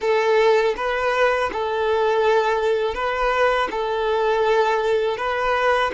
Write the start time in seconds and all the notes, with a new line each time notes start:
0.00 A4
0.76 B4
1.52 A4
2.94 B4
3.70 A4
5.17 B4